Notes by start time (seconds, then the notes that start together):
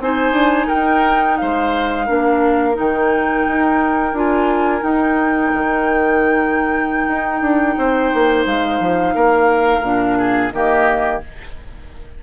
0.00 C4 D#4 C5 G#5
0.32 D4
0.68 D#4 A#4 G5
1.37 G#3 C5 F5
2.07 A#3 D4 A#4
2.74 D#3 D#4 G5
3.47 D#4
4.13 D4 F4 G#5
4.81 D#4 G5
5.54 D#3
7.08 D#4
7.42 D4
7.78 C4 C5
8.14 A#3
8.46 G#3 F5
8.80 F3
9.15 A#3 A#4
9.82 A#2 D4
10.19 G#4
10.52 D#3 A#3 G4 D#5